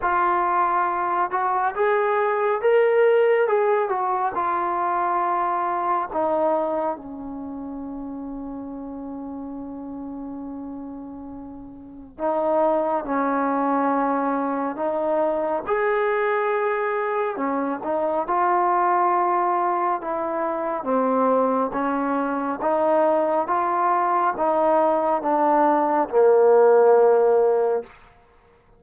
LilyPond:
\new Staff \with { instrumentName = "trombone" } { \time 4/4 \tempo 4 = 69 f'4. fis'8 gis'4 ais'4 | gis'8 fis'8 f'2 dis'4 | cis'1~ | cis'2 dis'4 cis'4~ |
cis'4 dis'4 gis'2 | cis'8 dis'8 f'2 e'4 | c'4 cis'4 dis'4 f'4 | dis'4 d'4 ais2 | }